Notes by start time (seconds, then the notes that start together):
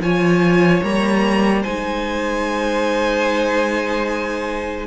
0.00 F3 F4 C#5 G#5
0.83 G3 A#3 A#5
1.62 G#3 D#4 C5 G#5